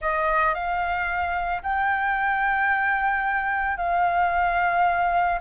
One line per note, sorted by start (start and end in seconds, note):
0.01 0.54 D#5
0.54 1.62 F5
1.62 3.77 G5
3.77 5.39 F5